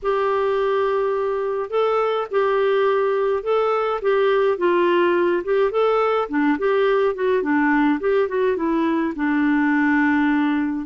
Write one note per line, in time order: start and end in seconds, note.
0.02 1.70 G4
1.70 2.27 A4
2.30 3.43 G4
3.43 4.00 A4
4.01 4.57 G4
4.57 5.43 F4
5.44 5.71 G4
5.71 6.28 A4
6.29 6.57 D4
6.58 7.15 G4
7.15 7.42 F#4
7.42 7.99 D4
7.99 8.28 G4
8.28 8.56 F#4
8.56 9.13 E4
9.15 10.86 D4